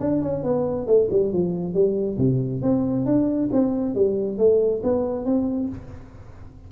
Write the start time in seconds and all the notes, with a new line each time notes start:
0.00 D4
0.22 C#4
0.43 B3
0.87 A3
1.10 G3
1.32 F3
1.74 G3
2.18 C3
2.62 C4
3.06 D4
3.52 C4
3.95 G3
4.38 A3
4.83 B3
5.25 C4